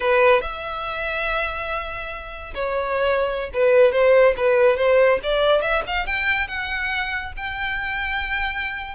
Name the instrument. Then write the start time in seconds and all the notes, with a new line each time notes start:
violin
0.00 B4
0.41 E5
2.54 C#5
3.53 B4
3.91 C5
4.36 B4
4.77 C5
5.23 D5
5.61 E5
5.86 F5
6.06 G5
6.47 F#5
7.36 G5